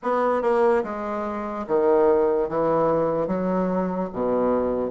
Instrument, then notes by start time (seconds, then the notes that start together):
bassoon
0.02 B3
0.42 A#3
0.83 G#3
1.67 D#3
2.48 E3
3.27 F#3
4.12 B2